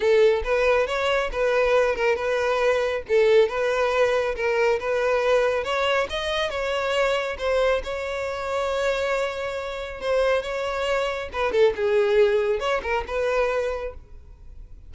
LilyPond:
\new Staff \with { instrumentName = "violin" } { \time 4/4 \tempo 4 = 138 a'4 b'4 cis''4 b'4~ | b'8 ais'8 b'2 a'4 | b'2 ais'4 b'4~ | b'4 cis''4 dis''4 cis''4~ |
cis''4 c''4 cis''2~ | cis''2. c''4 | cis''2 b'8 a'8 gis'4~ | gis'4 cis''8 ais'8 b'2 | }